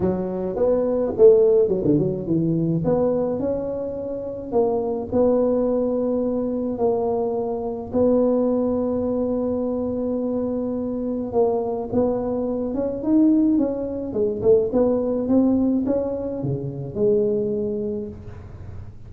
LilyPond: \new Staff \with { instrumentName = "tuba" } { \time 4/4 \tempo 4 = 106 fis4 b4 a4 fis16 d16 fis8 | e4 b4 cis'2 | ais4 b2. | ais2 b2~ |
b1 | ais4 b4. cis'8 dis'4 | cis'4 gis8 a8 b4 c'4 | cis'4 cis4 gis2 | }